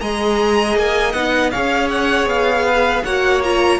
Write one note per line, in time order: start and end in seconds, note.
0.00 0.76 G#3
0.00 1.15 G#4
0.00 1.52 D#5
0.00 0.76 A#5
0.76 1.14 A#3
0.76 1.12 G#5
1.12 1.52 B3
1.12 1.53 D#4
1.12 1.50 F#5
1.51 2.26 C#4
1.51 3.06 G#4
1.51 2.65 C#5
1.51 1.89 F5
1.90 2.28 F#5
2.26 3.02 B3
2.26 3.04 F5
2.65 3.03 B4
3.04 3.80 A#3
3.04 3.44 F#4
3.04 3.80 C#5
3.04 3.42 F#5
3.44 3.80 F4
3.44 3.80 A#5